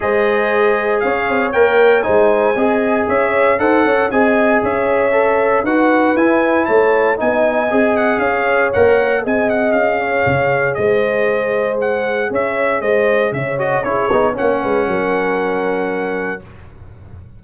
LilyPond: <<
  \new Staff \with { instrumentName = "trumpet" } { \time 4/4 \tempo 4 = 117 dis''2 f''4 g''4 | gis''2 e''4 fis''4 | gis''4 e''2 fis''4 | gis''4 a''4 gis''4. fis''8 |
f''4 fis''4 gis''8 fis''8 f''4~ | f''4 dis''2 fis''4 | e''4 dis''4 e''8 dis''8 cis''4 | fis''1 | }
  \new Staff \with { instrumentName = "horn" } { \time 4/4 c''2 cis''2 | c''4 dis''4 cis''4 c''8 cis''8 | dis''4 cis''2 b'4~ | b'4 cis''4 dis''2 |
cis''2 dis''4. cis''8~ | cis''4 c''2. | cis''4 c''4 cis''4 gis'4 | cis''8 b'8 ais'2. | }
  \new Staff \with { instrumentName = "trombone" } { \time 4/4 gis'2. ais'4 | dis'4 gis'2 a'4 | gis'2 a'4 fis'4 | e'2 dis'4 gis'4~ |
gis'4 ais'4 gis'2~ | gis'1~ | gis'2~ gis'8 fis'8 e'8 dis'8 | cis'1 | }
  \new Staff \with { instrumentName = "tuba" } { \time 4/4 gis2 cis'8 c'8 ais4 | gis4 c'4 cis'4 dis'8 cis'8 | c'4 cis'2 dis'4 | e'4 a4 b4 c'4 |
cis'4 ais4 c'4 cis'4 | cis4 gis2. | cis'4 gis4 cis4 cis'8 b8 | ais8 gis8 fis2. | }
>>